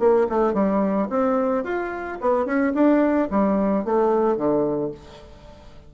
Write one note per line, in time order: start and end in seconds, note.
0.00 0.27 A#3
0.30 0.54 A3
0.54 1.09 G3
1.10 1.65 C4
1.65 2.19 F4
2.21 2.46 B3
2.46 2.73 C#4
2.75 3.30 D4
3.31 3.85 G3
3.85 4.37 A3
4.37 4.92 D3